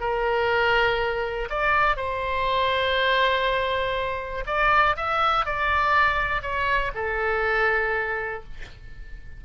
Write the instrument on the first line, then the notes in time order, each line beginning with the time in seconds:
oboe
0.00 A#4
1.50 D5
1.96 C5
4.46 D5
4.97 E5
5.45 D5
6.42 C#5
6.95 A4